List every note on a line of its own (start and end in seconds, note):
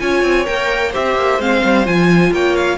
0.00 0.23 C#4
0.00 0.45 F4
0.00 0.91 C#5
0.00 0.46 G#5
0.23 0.46 C4
0.45 0.95 A#3
0.45 0.92 A#4
0.45 0.93 G5
0.91 1.16 C4
0.91 1.40 G4
0.91 2.31 C5
0.91 1.41 E5
1.16 1.39 A#3
1.39 1.62 G#3
1.39 1.85 C4
1.39 1.87 F5
1.64 1.87 G3
1.85 2.32 F3
1.85 2.78 F4
1.85 2.33 G#5
2.32 2.78 A#3
2.32 2.78 C#5
2.32 2.56 G5
2.56 2.78 F5